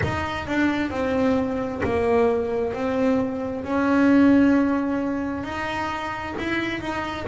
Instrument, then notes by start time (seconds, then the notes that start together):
double bass
0.02 D#4
0.47 D4
0.90 C4
1.83 A#3
2.73 C4
3.64 C#4
5.43 D#4
6.38 E4
6.81 D#4